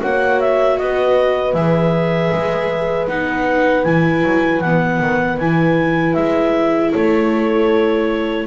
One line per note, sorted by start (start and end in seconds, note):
0.00 0.79 A#3
0.00 1.54 F#4
0.00 0.78 C#5
0.00 0.40 F#5
0.40 0.78 E5
0.78 1.54 B3
0.78 6.92 B4
0.78 1.53 D#5
1.53 2.30 E3
1.53 3.08 G#4
1.53 3.07 E5
2.32 3.08 G#3
3.08 3.85 B3
3.08 3.85 D#4
3.08 3.84 F#5
3.84 4.23 E3
3.84 4.62 E4
3.84 4.60 G#5
4.23 4.61 F#3
4.60 4.99 E3
4.60 5.42 B3
4.60 5.37 F#5
4.99 5.37 D#3
5.37 6.14 E3
5.37 8.47 E4
5.37 6.14 G#5
6.14 6.93 G#3
6.14 6.91 E5
6.92 8.47 A3
6.92 8.46 A4
6.92 8.47 C#5